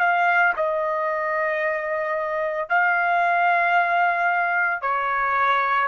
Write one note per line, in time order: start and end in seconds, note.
0.00 0.54 F5
0.57 2.70 D#5
2.70 4.82 F5
4.82 5.88 C#5